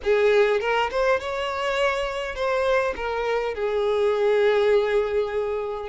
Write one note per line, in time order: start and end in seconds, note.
0.03 0.60 G#4
0.60 0.90 A#4
0.90 1.20 C5
1.20 2.35 C#5
2.35 2.94 C5
2.96 3.54 A#4
3.54 5.89 G#4